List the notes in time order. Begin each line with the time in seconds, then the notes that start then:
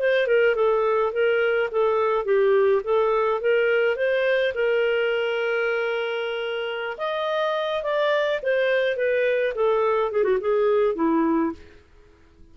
0.00 C5
0.27 A#4
0.56 A4
1.13 A#4
1.71 A4
2.25 G4
2.84 A4
3.41 A#4
3.96 C5
4.55 A#4
6.98 D#5
7.83 D5
8.43 C5
8.97 B4
9.55 A4
10.12 G#4
10.24 F#4
10.41 G#4
10.96 E4